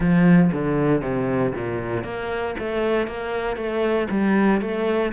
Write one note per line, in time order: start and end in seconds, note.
0.00 0.51 F3
0.52 1.01 D3
1.01 1.52 C3
1.54 2.03 A#2
2.03 2.55 A#3
2.59 3.07 A3
3.07 3.56 A#3
3.56 4.07 A3
4.10 4.61 G3
4.61 5.12 A3